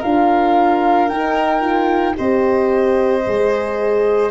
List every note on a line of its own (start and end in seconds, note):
0.00 1.09 D4
0.00 1.10 F4
0.00 2.14 A#4
0.00 1.09 F5
1.09 2.16 D#4
1.09 1.61 D#4
1.09 2.16 G5
1.61 2.15 F4
2.15 3.26 C4
2.15 3.22 G4
2.15 4.31 C5
2.15 4.31 D#5
3.27 4.31 G#3
3.27 4.31 G#4